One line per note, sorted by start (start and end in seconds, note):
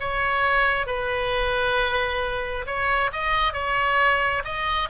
0.00 0.86 C#5
0.86 2.65 B4
2.66 3.11 C#5
3.13 3.53 D#5
3.53 4.42 C#5
4.44 4.89 D#5